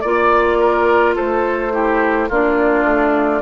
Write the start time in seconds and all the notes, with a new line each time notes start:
0.00 A#3 F4 D5
0.60 A#4
1.15 A3 A4 C5
1.71 E4 G4
2.29 A#3 D4 F4 D5
2.84 A3